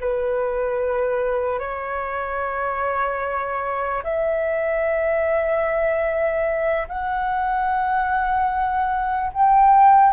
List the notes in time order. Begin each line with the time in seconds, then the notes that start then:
0.00 B4
1.59 C#5
4.04 E5
6.88 F#5
9.33 G5